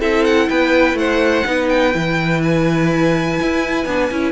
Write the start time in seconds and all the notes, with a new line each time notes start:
0.00 C4 E4 A4 E5
0.25 F#5
0.49 B3 B4 G5
0.94 A3 C5 F#5
1.45 B3 D#4 B4
1.69 G5
1.93 E3 E4
2.44 G#5
3.42 E4
3.86 B3 D4
4.12 C#4 E4